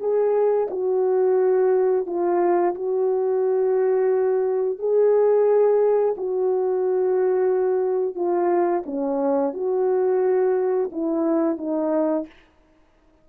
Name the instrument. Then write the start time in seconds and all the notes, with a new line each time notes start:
horn
0.00 G#4
0.70 F#4
2.06 F4
2.75 F#4
4.79 G#4
6.17 F#4
8.15 F4
8.86 C#4
9.54 F#4
10.92 E4
11.58 D#4